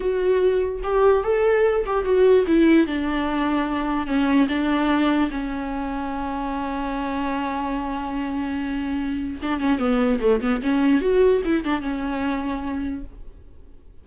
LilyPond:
\new Staff \with { instrumentName = "viola" } { \time 4/4 \tempo 4 = 147 fis'2 g'4 a'4~ | a'8 g'8 fis'4 e'4 d'4~ | d'2 cis'4 d'4~ | d'4 cis'2.~ |
cis'1~ | cis'2. d'8 cis'8 | b4 a8 b8 cis'4 fis'4 | e'8 d'8 cis'2. | }